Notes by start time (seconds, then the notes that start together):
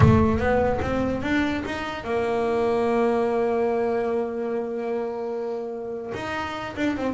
0.00 A3
0.38 B3
0.81 C4
1.22 D4
1.65 D#4
2.04 A#3
6.14 D#4
6.76 D4
6.96 C4